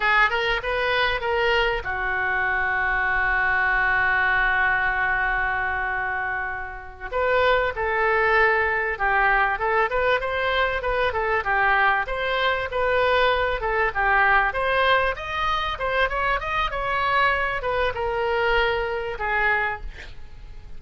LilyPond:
\new Staff \with { instrumentName = "oboe" } { \time 4/4 \tempo 4 = 97 gis'8 ais'8 b'4 ais'4 fis'4~ | fis'1~ | fis'2.~ fis'8 b'8~ | b'8 a'2 g'4 a'8 |
b'8 c''4 b'8 a'8 g'4 c''8~ | c''8 b'4. a'8 g'4 c''8~ | c''8 dis''4 c''8 cis''8 dis''8 cis''4~ | cis''8 b'8 ais'2 gis'4 | }